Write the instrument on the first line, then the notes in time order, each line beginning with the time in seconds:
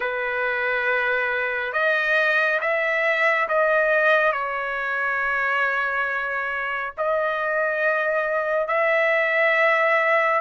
trumpet
0.00 B4
1.72 D#5
2.60 E5
3.48 D#5
4.32 C#5
6.97 D#5
8.67 E5